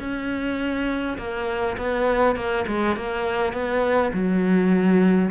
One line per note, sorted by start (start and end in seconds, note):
0.00 1.18 C#4
1.18 1.77 A#3
1.78 2.36 B3
2.36 2.66 A#3
2.68 2.97 G#3
2.97 3.53 A#3
3.53 4.12 B3
4.14 5.31 F#3